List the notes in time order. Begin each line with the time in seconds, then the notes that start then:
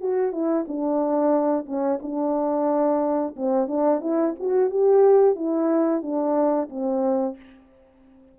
0.00 F#4
0.32 E4
0.68 D4
1.66 C#4
2.02 D4
3.36 C4
3.67 D4
4.01 E4
4.39 F#4
4.70 G4
5.35 E4
6.02 D4
6.69 C4